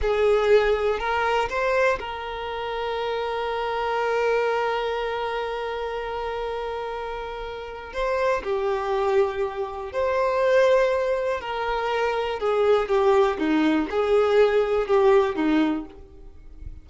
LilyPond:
\new Staff \with { instrumentName = "violin" } { \time 4/4 \tempo 4 = 121 gis'2 ais'4 c''4 | ais'1~ | ais'1~ | ais'1 |
c''4 g'2. | c''2. ais'4~ | ais'4 gis'4 g'4 dis'4 | gis'2 g'4 dis'4 | }